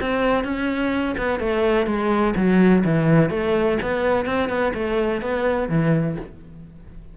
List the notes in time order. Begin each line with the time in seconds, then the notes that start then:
0.00 C4
0.44 C#4
1.18 B3
1.39 A3
1.86 G#3
2.36 F#3
2.84 E3
3.30 A3
3.82 B3
4.25 C4
4.49 B3
4.74 A3
5.21 B3
5.69 E3